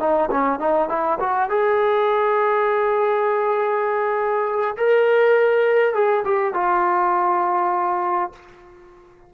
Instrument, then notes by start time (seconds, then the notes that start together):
trombone
0.00 D#4
0.31 C#4
0.60 D#4
0.89 E4
1.20 F#4
1.50 G#4
4.77 A#4
5.95 G#4
6.25 G4
6.54 F4